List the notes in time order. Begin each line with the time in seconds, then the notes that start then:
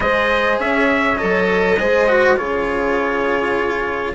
0.00 G#3 G#4 C5 D#5
0.59 C#4 C#5 E5
1.17 F#3 A4 D#5
1.78 G#3 G#4 C5
2.08 F#4
2.37 C#3 F4 G#4 C#5